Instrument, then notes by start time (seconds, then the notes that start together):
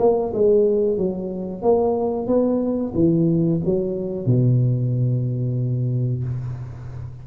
tuba
0.00 A#3
0.34 G#3
0.98 F#3
1.63 A#3
2.27 B3
2.95 E3
3.66 F#3
4.26 B2